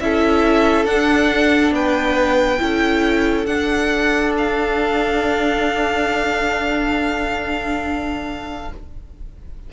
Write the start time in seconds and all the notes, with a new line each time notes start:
0.00 C#4 E4 A4 E5
0.85 D4 F#5
1.71 B3 B4 G5
2.59 C#4 E4 A4
3.46 D4 F#5
4.37 F5